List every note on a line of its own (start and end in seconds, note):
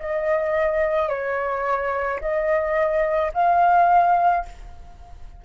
0.00 1.09 D#5
1.09 2.20 C#5
2.21 3.32 D#5
3.34 4.45 F5